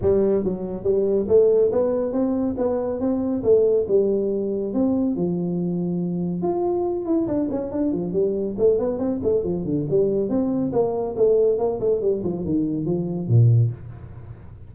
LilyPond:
\new Staff \with { instrumentName = "tuba" } { \time 4/4 \tempo 4 = 140 g4 fis4 g4 a4 | b4 c'4 b4 c'4 | a4 g2 c'4 | f2. f'4~ |
f'8 e'8 d'8 cis'8 d'8 f8 g4 | a8 b8 c'8 a8 f8 d8 g4 | c'4 ais4 a4 ais8 a8 | g8 f8 dis4 f4 ais,4 | }